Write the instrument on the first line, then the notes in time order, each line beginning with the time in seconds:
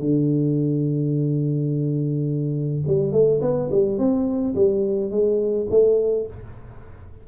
tuba
0.00 D3
2.87 G3
3.12 A3
3.42 B3
3.71 G3
3.98 C4
4.55 G3
5.11 G#3
5.70 A3